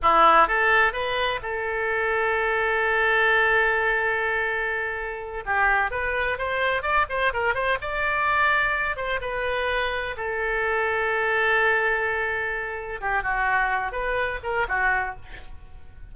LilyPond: \new Staff \with { instrumentName = "oboe" } { \time 4/4 \tempo 4 = 127 e'4 a'4 b'4 a'4~ | a'1~ | a'2.~ a'8 g'8~ | g'8 b'4 c''4 d''8 c''8 ais'8 |
c''8 d''2~ d''8 c''8 b'8~ | b'4. a'2~ a'8~ | a'2.~ a'8 g'8 | fis'4. b'4 ais'8 fis'4 | }